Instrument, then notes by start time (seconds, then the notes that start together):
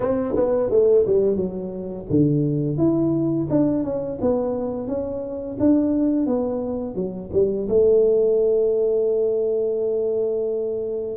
tuba
0.00 C4
0.35 B3
0.70 A3
1.06 G3
1.35 F#3
2.10 D3
2.77 E4
3.50 D4
3.83 C#4
4.21 B3
4.87 C#4
5.59 D4
6.26 B3
6.95 F#3
7.33 G3
7.68 A3